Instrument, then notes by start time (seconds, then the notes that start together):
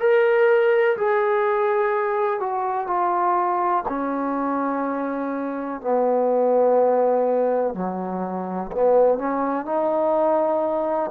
trombone
0.00 A#4
0.97 G#4
2.40 F#4
2.87 F4
3.89 C#4
5.81 B3
7.75 F#3
8.72 B3
9.18 C#4
9.66 D#4